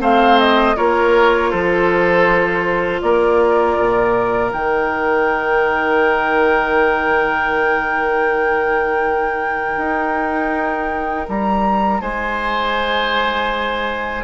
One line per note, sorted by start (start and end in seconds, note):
0.00 0.75 A3
0.00 0.75 C4
0.00 0.76 C5
0.00 0.39 F5
0.39 0.77 D#5
0.75 1.53 A#3
0.75 4.50 F4
0.75 1.50 A#4
0.75 1.51 C#5
1.50 3.02 F3
1.50 3.00 A4
1.50 3.01 C5
3.01 3.77 A#3
3.01 12.01 A#4
3.01 4.51 D5
3.78 4.53 A#2
4.50 9.77 D#3
4.50 14.23 D#4
4.50 11.27 G5
9.77 11.27 D#4
11.28 12.01 G3
11.28 12.01 A#5
12.01 14.23 G#3
12.01 14.23 C5
12.01 14.23 G#5